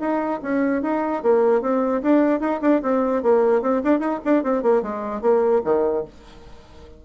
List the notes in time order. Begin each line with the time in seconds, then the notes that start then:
0.00 D#4
0.42 C#4
0.82 D#4
1.22 A#3
1.61 C4
2.02 D4
2.40 D#4
2.61 D4
2.82 C4
3.22 A#3
3.62 C4
3.84 D4
3.99 D#4
4.24 D4
4.43 C4
4.63 A#3
4.82 G#3
5.21 A#3
5.64 D#3